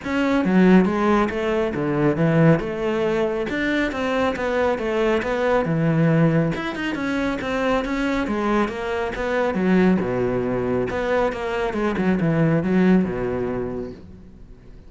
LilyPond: \new Staff \with { instrumentName = "cello" } { \time 4/4 \tempo 4 = 138 cis'4 fis4 gis4 a4 | d4 e4 a2 | d'4 c'4 b4 a4 | b4 e2 e'8 dis'8 |
cis'4 c'4 cis'4 gis4 | ais4 b4 fis4 b,4~ | b,4 b4 ais4 gis8 fis8 | e4 fis4 b,2 | }